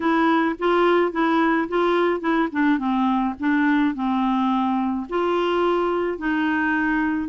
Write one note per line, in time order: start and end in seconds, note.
0.00 0.55 E4
0.59 1.11 F4
1.11 1.67 E4
1.68 2.20 F4
2.20 2.48 E4
2.51 2.78 D4
2.78 3.34 C4
3.39 3.94 D4
3.94 5.06 C4
5.09 6.18 F4
6.18 7.28 D#4